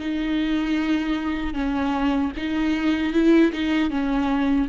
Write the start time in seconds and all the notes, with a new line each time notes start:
0.00 D#4
1.54 C#4
2.37 D#4
3.13 E4
3.52 D#4
3.91 C#4